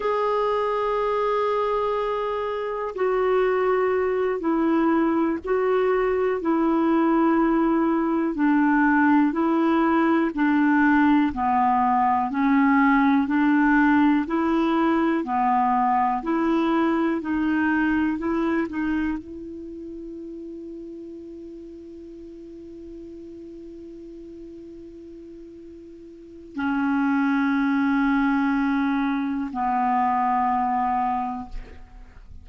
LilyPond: \new Staff \with { instrumentName = "clarinet" } { \time 4/4 \tempo 4 = 61 gis'2. fis'4~ | fis'8 e'4 fis'4 e'4.~ | e'8 d'4 e'4 d'4 b8~ | b8 cis'4 d'4 e'4 b8~ |
b8 e'4 dis'4 e'8 dis'8 e'8~ | e'1~ | e'2. cis'4~ | cis'2 b2 | }